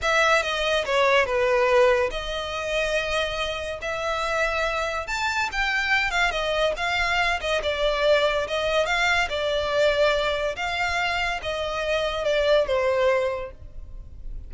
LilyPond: \new Staff \with { instrumentName = "violin" } { \time 4/4 \tempo 4 = 142 e''4 dis''4 cis''4 b'4~ | b'4 dis''2.~ | dis''4 e''2. | a''4 g''4. f''8 dis''4 |
f''4. dis''8 d''2 | dis''4 f''4 d''2~ | d''4 f''2 dis''4~ | dis''4 d''4 c''2 | }